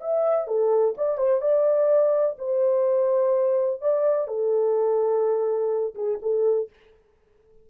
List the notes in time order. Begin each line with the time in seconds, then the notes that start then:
0.00 E5
0.47 A4
0.97 D5
1.17 C5
1.41 D5
2.38 C5
3.81 D5
4.27 A4
5.95 G#4
6.22 A4